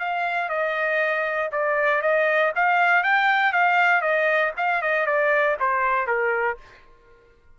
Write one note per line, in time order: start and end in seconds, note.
0.00 0.50 F5
0.50 1.51 D#5
1.52 2.02 D5
2.02 2.53 D#5
2.56 3.04 F5
3.04 3.53 G5
3.53 4.02 F5
4.02 4.52 D#5
4.57 4.82 F5
4.82 5.07 D#5
5.07 5.57 D5
5.60 6.08 C5
6.08 6.58 A#4